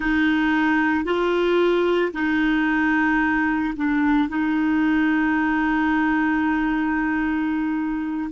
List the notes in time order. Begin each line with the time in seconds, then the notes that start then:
0.00 D#4
1.05 F4
2.13 D#4
3.75 D4
4.29 D#4